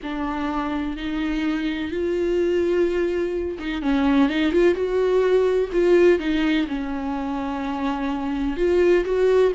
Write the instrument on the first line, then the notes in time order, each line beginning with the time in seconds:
viola
0.03 D4
0.97 D#4
1.91 F4
3.58 D#4
3.81 C#4
4.29 D#4
4.52 F4
4.74 F#4
5.72 F4
6.19 D#4
6.67 C#4
8.57 F4
9.04 F#4